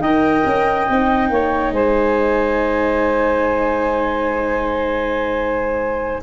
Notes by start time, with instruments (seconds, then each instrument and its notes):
0.00 tuba D#4, viola A#4, saxophone D#5, flute G5
0.45 tuba C#4
0.89 tuba C4, viola D#4
1.29 tuba A#3, saxophone C#5
1.72 tuba G#3, saxophone C5, flute G#5